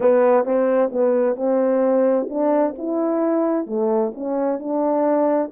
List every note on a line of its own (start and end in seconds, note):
0.00 0.44 B3
0.44 0.90 C4
0.92 1.36 B3
1.36 2.27 C4
2.29 2.74 D4
2.78 3.66 E4
3.66 4.12 A3
4.14 4.59 C#4
4.59 5.51 D4